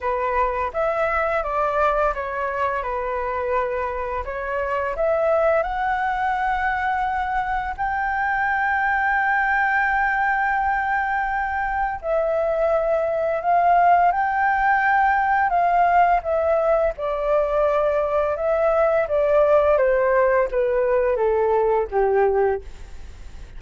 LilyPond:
\new Staff \with { instrumentName = "flute" } { \time 4/4 \tempo 4 = 85 b'4 e''4 d''4 cis''4 | b'2 cis''4 e''4 | fis''2. g''4~ | g''1~ |
g''4 e''2 f''4 | g''2 f''4 e''4 | d''2 e''4 d''4 | c''4 b'4 a'4 g'4 | }